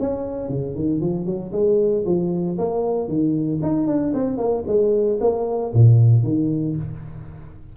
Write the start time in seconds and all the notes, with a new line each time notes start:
0.00 C#4
0.49 C#3
0.75 D#3
1.01 F3
1.26 F#3
1.52 G#3
2.06 F3
2.58 A#3
3.08 D#3
3.62 D#4
3.87 D4
4.14 C4
4.38 A#3
4.67 G#3
5.21 A#3
5.74 A#2
6.23 D#3